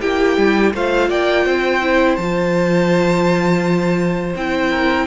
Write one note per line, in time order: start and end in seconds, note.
0.00 0.37 A#3
0.00 0.73 E4
0.00 0.73 G4
0.00 0.72 G5
0.37 0.73 G3
0.73 1.09 A3
0.73 1.82 F4
0.73 1.09 C5
0.73 1.10 F5
1.09 1.45 A#3
1.09 1.45 D5
1.09 2.15 G5
1.45 2.17 C4
1.45 4.70 C5
1.82 2.18 E4
2.15 4.34 F3
2.15 4.36 F4
2.15 4.32 A5
4.36 5.07 C4
4.36 5.07 E4
4.36 5.07 G5
4.70 5.06 A#4